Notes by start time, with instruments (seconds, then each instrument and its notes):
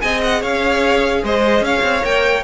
0.00 cello C4, viola G#4, violin D#5 G#5
0.23 violin F#5
0.41 cello C#4, violin C#5 F5
1.23 cello G#3, violin C5 D#5
1.61 cello C#4, violin C#5 F5
1.82 cello C4
2.01 cello A#3, viola A#4, violin G5